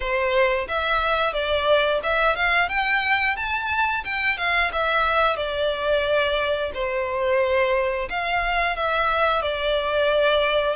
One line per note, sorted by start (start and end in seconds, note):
0.00 0.67 C5
0.67 1.33 E5
1.33 2.00 D5
2.03 2.36 E5
2.36 2.68 F5
2.68 3.36 G5
3.36 4.04 A5
4.04 4.37 G5
4.37 4.71 F5
4.72 5.36 E5
5.36 6.71 D5
6.74 8.08 C5
8.09 8.76 F5
8.76 9.41 E5
9.41 10.75 D5